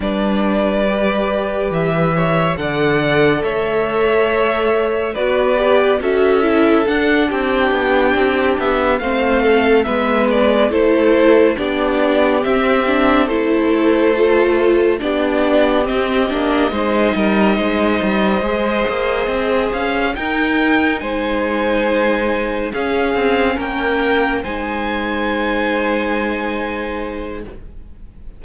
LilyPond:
<<
  \new Staff \with { instrumentName = "violin" } { \time 4/4 \tempo 4 = 70 d''2 e''4 fis''4 | e''2 d''4 e''4 | fis''8 g''4. e''8 f''4 e''8 | d''8 c''4 d''4 e''4 c''8~ |
c''4. d''4 dis''4.~ | dis''2. f''8 g''8~ | g''8 gis''2 f''4 g''8~ | g''8 gis''2.~ gis''8 | }
  \new Staff \with { instrumentName = "violin" } { \time 4/4 b'2~ b'8 cis''8 d''4 | cis''2 b'4 a'4~ | a'8 g'2 c''8 a'8 b'8~ | b'8 a'4 g'2 a'8~ |
a'4. g'2 c''8 | ais'8 c''2. ais'8~ | ais'8 c''2 gis'4 ais'8~ | ais'8 c''2.~ c''8 | }
  \new Staff \with { instrumentName = "viola" } { \time 4/4 d'4 g'2 a'4~ | a'2 fis'8 g'8 fis'8 e'8 | d'2~ d'8 c'4 b8~ | b8 e'4 d'4 c'8 d'8 e'8~ |
e'8 f'4 d'4 c'8 d'8 dis'8~ | dis'4. gis'2 dis'8~ | dis'2~ dis'8 cis'4.~ | cis'8 dis'2.~ dis'8 | }
  \new Staff \with { instrumentName = "cello" } { \time 4/4 g2 e4 d4 | a2 b4 cis'4 | d'8 c'8 b8 c'8 b8 a4 gis8~ | gis8 a4 b4 c'4 a8~ |
a4. b4 c'8 ais8 gis8 | g8 gis8 g8 gis8 ais8 c'8 cis'8 dis'8~ | dis'8 gis2 cis'8 c'8 ais8~ | ais8 gis2.~ gis8 | }
>>